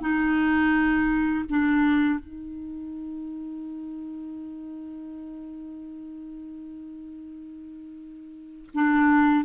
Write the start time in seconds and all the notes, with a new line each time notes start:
0.00 D#4
1.49 D4
2.19 D#4
8.74 D4